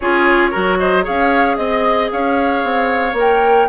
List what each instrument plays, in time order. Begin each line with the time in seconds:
0.00 bassoon C#4, clarinet F4, oboe G#4, flute C#5
0.50 bassoon F#3, clarinet F#4, oboe A#4
0.78 oboe C5, flute D#5
1.02 clarinet G#4, oboe C#5, flute F5
1.09 bassoon C#4
1.56 bassoon C4, flute D#5, oboe D#5
2.11 bassoon C#4, oboe C#5, flute F5
2.63 bassoon C4
3.12 bassoon A#3, clarinet A#4
3.19 flute G5